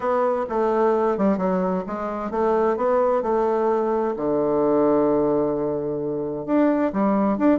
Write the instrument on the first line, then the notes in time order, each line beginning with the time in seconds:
bassoon
0.00 B3
0.49 A3
1.17 G3
1.37 F#3
1.87 G#3
2.31 A3
2.76 B3
3.22 A3
4.16 D3
6.46 D4
6.92 G3
7.37 D4